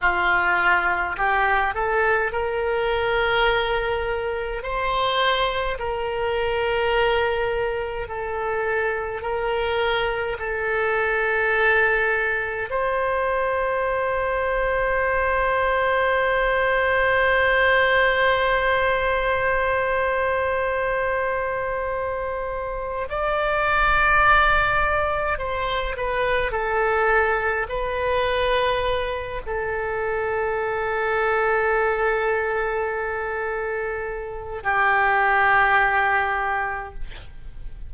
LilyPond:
\new Staff \with { instrumentName = "oboe" } { \time 4/4 \tempo 4 = 52 f'4 g'8 a'8 ais'2 | c''4 ais'2 a'4 | ais'4 a'2 c''4~ | c''1~ |
c''1 | d''2 c''8 b'8 a'4 | b'4. a'2~ a'8~ | a'2 g'2 | }